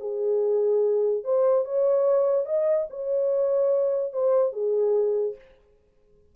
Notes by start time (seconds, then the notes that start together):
0.00 G#4
1.24 C5
1.65 C#5
2.46 D#5
2.90 C#5
4.13 C5
4.52 G#4